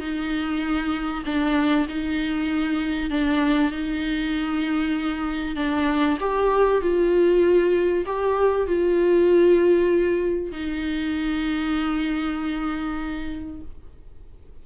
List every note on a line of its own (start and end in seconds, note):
0.00 1.24 D#4
1.26 1.88 D4
1.89 3.10 D#4
3.10 3.72 D4
3.72 5.56 D#4
5.56 6.18 D4
6.21 6.82 G4
6.82 8.06 F4
8.06 8.67 G4
8.67 10.52 F4
10.52 13.61 D#4